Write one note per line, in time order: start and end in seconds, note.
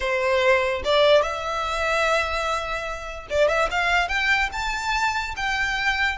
0.00 0.82 C5
0.84 1.21 D5
1.21 3.27 E5
3.30 3.48 D5
3.48 3.68 E5
3.70 4.08 F5
4.08 4.49 G5
4.52 5.34 A5
5.36 6.18 G5